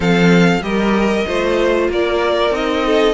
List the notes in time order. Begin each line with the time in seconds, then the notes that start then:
0.00 F3 C4 A4 F5
0.62 G3 G4 A#4 D#5
1.26 A3 F4 C5
1.89 A#3 A#4 D5
2.50 C4 D#4 D#5
2.86 A4